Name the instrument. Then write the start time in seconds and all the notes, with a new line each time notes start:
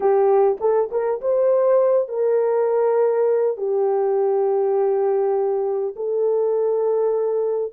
horn
0.00 G4
0.60 A4
0.91 A#4
1.21 C5
2.08 A#4
3.57 G4
5.96 A4